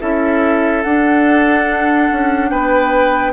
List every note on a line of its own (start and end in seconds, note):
0.00 0.85 C#4
0.00 0.83 E4
0.00 2.51 A4
0.00 0.83 E5
0.83 2.10 D4
0.83 3.33 D4
0.83 2.49 F#5
2.11 2.51 C#4
2.49 3.33 B3
2.49 3.33 B4
2.49 3.33 G5